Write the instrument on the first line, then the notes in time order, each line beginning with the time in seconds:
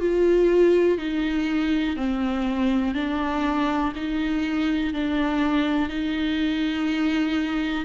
viola
0.00 F4
0.98 D#4
1.96 C4
2.94 D4
3.96 D#4
4.93 D4
5.89 D#4